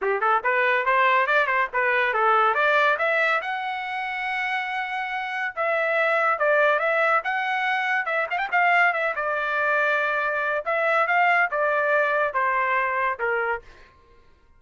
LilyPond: \new Staff \with { instrumentName = "trumpet" } { \time 4/4 \tempo 4 = 141 g'8 a'8 b'4 c''4 d''8 c''8 | b'4 a'4 d''4 e''4 | fis''1~ | fis''4 e''2 d''4 |
e''4 fis''2 e''8 f''16 g''16 | f''4 e''8 d''2~ d''8~ | d''4 e''4 f''4 d''4~ | d''4 c''2 ais'4 | }